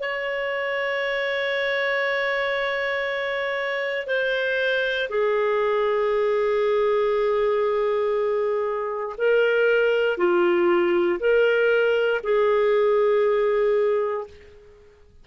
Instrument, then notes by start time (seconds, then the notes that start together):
clarinet
0.00 C#5
4.07 C5
5.09 G#4
9.18 A#4
10.17 F4
11.20 A#4
12.24 G#4